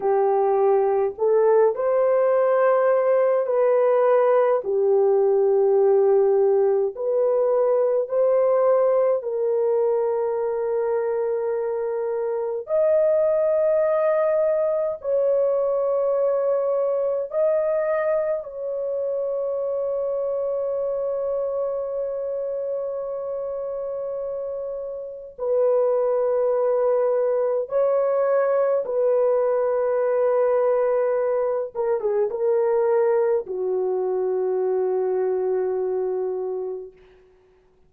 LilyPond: \new Staff \with { instrumentName = "horn" } { \time 4/4 \tempo 4 = 52 g'4 a'8 c''4. b'4 | g'2 b'4 c''4 | ais'2. dis''4~ | dis''4 cis''2 dis''4 |
cis''1~ | cis''2 b'2 | cis''4 b'2~ b'8 ais'16 gis'16 | ais'4 fis'2. | }